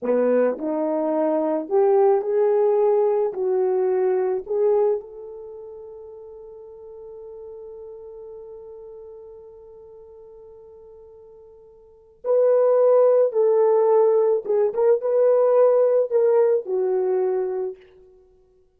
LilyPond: \new Staff \with { instrumentName = "horn" } { \time 4/4 \tempo 4 = 108 b4 dis'2 g'4 | gis'2 fis'2 | gis'4 a'2.~ | a'1~ |
a'1~ | a'2 b'2 | a'2 gis'8 ais'8 b'4~ | b'4 ais'4 fis'2 | }